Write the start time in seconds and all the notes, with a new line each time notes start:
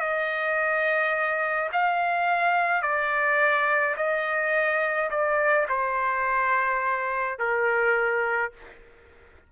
0.00 D#5
1.72 F5
2.82 D5
3.97 D#5
5.10 D5
5.69 C5
7.38 A#4